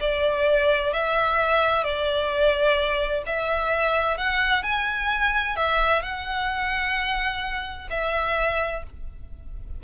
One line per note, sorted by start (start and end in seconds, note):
0.00 0.93 D5
0.93 1.83 E5
1.83 3.23 D5
3.26 4.17 E5
4.17 4.63 F#5
4.63 5.56 G#5
5.56 6.02 E5
6.02 7.88 F#5
7.90 8.83 E5